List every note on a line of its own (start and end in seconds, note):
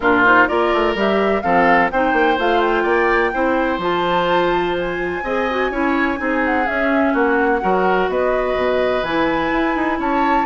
0.00 0.47 A#2
0.00 0.24 D4
0.00 0.48 F4
0.00 0.23 A#4
0.24 0.48 D#4
0.24 0.47 C5
0.47 0.73 A#3
0.47 0.95 F4
0.47 1.43 A#4
0.47 0.95 D5
0.73 0.94 A3
0.94 1.42 G3
0.94 1.42 G4
0.94 1.41 E5
1.41 1.91 F3
1.41 1.90 C4
1.41 1.91 A4
1.41 1.89 F5
1.91 2.12 C4
1.91 2.38 D#4
1.91 2.83 C5
1.91 2.38 G5
2.12 2.36 A#3
2.38 2.84 A3
2.38 3.33 F4
2.38 2.61 F5
2.61 3.80 G5
2.83 3.32 A#3
2.83 3.30 D5
3.33 3.78 C4
3.33 3.80 E4
3.33 5.24 C5
3.78 5.21 F3
3.78 5.23 F4
3.78 4.78 A5
4.79 6.45 G#5
5.23 5.70 C4
5.23 5.48 G#4
5.23 5.71 D#5
5.50 5.71 F#4
5.70 6.17 C#4
5.70 6.16 E4
5.70 6.19 C#5
6.16 6.67 C4
6.16 6.64 D#4
6.16 7.13 G#4
6.45 6.67 F#5
6.65 7.60 C#4
6.65 7.14 C#4
6.65 7.14 E5
7.13 7.61 A#3
7.13 7.60 F#4
7.13 8.10 F#5
7.60 8.08 F#3
7.60 9.03 F#4
7.60 8.10 A#4
8.08 8.55 B3
8.08 9.99 B4
8.08 9.03 D#5
8.55 9.02 B2
9.02 9.50 E3
9.02 10.46 E4
9.02 9.98 G#5
9.52 9.75 E4
9.75 9.98 D#4
9.98 10.46 C#4
9.98 10.46 C#5
9.98 10.46 A5